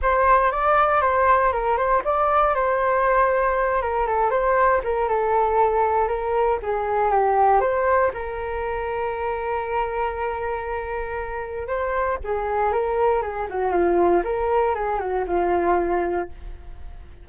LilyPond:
\new Staff \with { instrumentName = "flute" } { \time 4/4 \tempo 4 = 118 c''4 d''4 c''4 ais'8 c''8 | d''4 c''2~ c''8 ais'8 | a'8 c''4 ais'8 a'2 | ais'4 gis'4 g'4 c''4 |
ais'1~ | ais'2. c''4 | gis'4 ais'4 gis'8 fis'8 f'4 | ais'4 gis'8 fis'8 f'2 | }